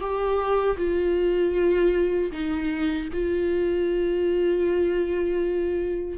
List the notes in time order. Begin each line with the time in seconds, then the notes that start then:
0.00 G4
0.78 F4
2.32 D#4
3.13 F4